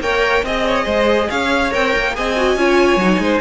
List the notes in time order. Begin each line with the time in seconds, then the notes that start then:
0.00 A#3 A#4 C#5 G5
0.43 C4 G#4 D#5
0.67 C#5
0.85 G#3 C5
1.30 C#4 C#5 F5
1.71 C4 A#4 G5
1.96 A#3
2.14 C4 G#4 D#5 G#5
2.36 F#4
2.55 C#4 F4 C#5
2.96 F#3 D#4
3.18 G#3 C5